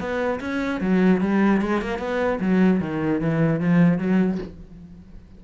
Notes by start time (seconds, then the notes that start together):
0.00 B3
0.41 C#4
0.81 F#3
1.22 G3
1.62 G#3
1.82 A#3
1.99 B3
2.41 F#3
2.81 D#3
3.21 E3
3.60 F3
3.98 F#3